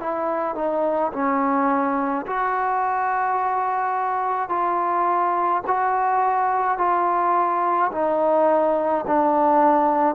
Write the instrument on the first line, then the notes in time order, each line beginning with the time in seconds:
trombone
0.00 E4
0.56 D#4
1.13 C#4
2.26 F#4
4.49 F4
5.68 F#4
6.78 F4
7.92 D#4
9.07 D4